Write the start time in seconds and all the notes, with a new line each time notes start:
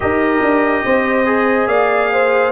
0.00 D#4 G4 A#4 D#5
0.42 D4
0.85 C4 C5
1.25 G#4
1.67 A#3 D5 F5
2.12 C5